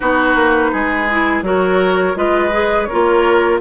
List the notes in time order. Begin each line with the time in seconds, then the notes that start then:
0.00 B3 D#4 F#4 B4
0.35 A#3
0.72 G#3 G#4
1.09 E4
1.42 F#3 F#4 A#4
1.48 C#5
2.14 G#3 F4 B4 D#5
2.51 G#4
2.84 A#4 C#5
2.91 A#3 F4